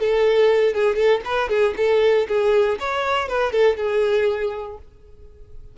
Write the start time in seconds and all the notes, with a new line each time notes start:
0.00 A4
0.74 G#4
0.96 A4
1.25 B4
1.49 G#4
1.77 A4
2.28 G#4
2.80 C#5
3.29 B4
3.52 A4
3.77 G#4